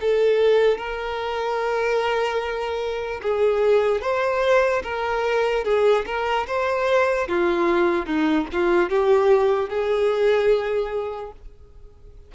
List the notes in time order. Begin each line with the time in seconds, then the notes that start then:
0.00 A4
0.77 A#4
3.21 G#4
4.01 C5
4.83 A#4
5.64 G#4
6.06 A#4
6.47 C5
7.28 F4
8.06 D#4
8.52 F4
8.89 G4
9.69 G#4